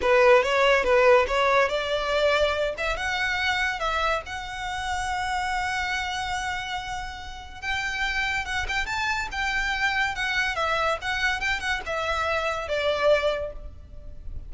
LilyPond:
\new Staff \with { instrumentName = "violin" } { \time 4/4 \tempo 4 = 142 b'4 cis''4 b'4 cis''4 | d''2~ d''8 e''8 fis''4~ | fis''4 e''4 fis''2~ | fis''1~ |
fis''2 g''2 | fis''8 g''8 a''4 g''2 | fis''4 e''4 fis''4 g''8 fis''8 | e''2 d''2 | }